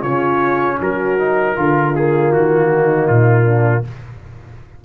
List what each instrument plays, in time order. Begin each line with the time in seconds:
0.00 tuba C#3, trombone C#4, horn F4, trumpet C#5
0.80 tuba F#3, horn F#4, trumpet A#4
1.19 trombone D#4
1.56 tuba D3, trombone F4, horn F4
1.95 trombone A#3, trumpet G#4
2.32 tuba D#3, trumpet F#4
2.72 horn D#4
3.07 tuba A#2, trumpet F4
3.44 horn D4